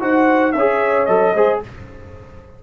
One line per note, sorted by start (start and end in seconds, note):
0.00 0.55 D#4
0.00 0.54 F#4
0.00 0.55 C5
0.00 0.52 F#5
0.52 1.08 C#4
0.52 1.35 C#5
0.52 1.06 E5
0.59 1.08 G#4
1.06 1.35 F#3
1.06 1.35 A4
1.06 1.60 D#5
1.35 1.62 G#3
1.35 1.64 G#4
1.35 1.62 C5